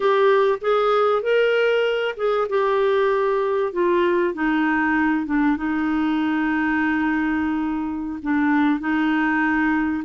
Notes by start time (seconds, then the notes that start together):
0.00 G4
0.61 G#4
1.22 A#4
2.16 G#4
2.49 G4
3.73 F4
4.34 D#4
5.26 D4
5.56 D#4
8.22 D4
8.79 D#4